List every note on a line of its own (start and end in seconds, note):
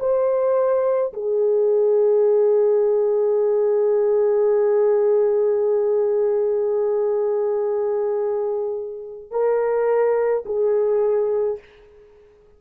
0.00 1.13 C5
1.13 9.31 G#4
9.31 10.45 A#4
10.46 11.59 G#4